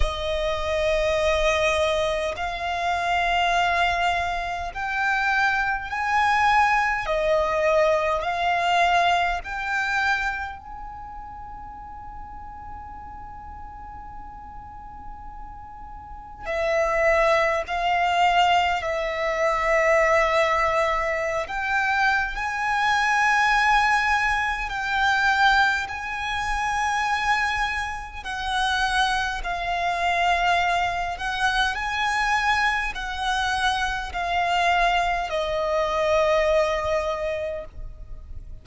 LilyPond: \new Staff \with { instrumentName = "violin" } { \time 4/4 \tempo 4 = 51 dis''2 f''2 | g''4 gis''4 dis''4 f''4 | g''4 gis''2.~ | gis''2 e''4 f''4 |
e''2~ e''16 g''8. gis''4~ | gis''4 g''4 gis''2 | fis''4 f''4. fis''8 gis''4 | fis''4 f''4 dis''2 | }